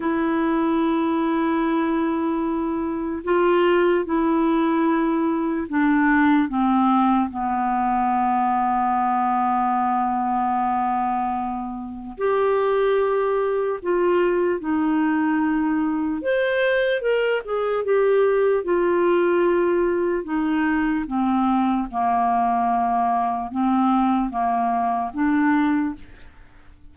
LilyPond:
\new Staff \with { instrumentName = "clarinet" } { \time 4/4 \tempo 4 = 74 e'1 | f'4 e'2 d'4 | c'4 b2.~ | b2. g'4~ |
g'4 f'4 dis'2 | c''4 ais'8 gis'8 g'4 f'4~ | f'4 dis'4 c'4 ais4~ | ais4 c'4 ais4 d'4 | }